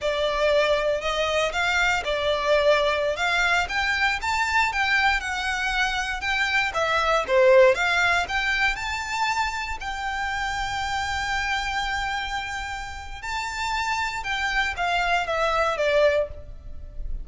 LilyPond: \new Staff \with { instrumentName = "violin" } { \time 4/4 \tempo 4 = 118 d''2 dis''4 f''4 | d''2~ d''16 f''4 g''8.~ | g''16 a''4 g''4 fis''4.~ fis''16~ | fis''16 g''4 e''4 c''4 f''8.~ |
f''16 g''4 a''2 g''8.~ | g''1~ | g''2 a''2 | g''4 f''4 e''4 d''4 | }